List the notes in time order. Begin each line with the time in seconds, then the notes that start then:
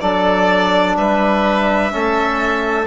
0.00 F#3 D4 A4 D5
0.96 G3 B4 E5
1.90 A3 C#4 A4